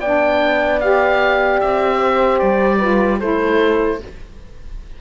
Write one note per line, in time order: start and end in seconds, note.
0.00 1.60 B3
0.00 0.82 D4
0.00 1.98 D5
0.00 0.81 G5
0.81 2.80 G4
0.81 1.61 F5
1.61 2.42 C4
1.61 2.39 E5
1.98 2.78 C5
2.39 3.22 G3
2.39 3.19 D5
2.79 3.20 F4
2.79 3.19 B4
3.20 4.02 A3
3.20 4.00 E4
3.20 4.00 A4
3.20 4.00 C5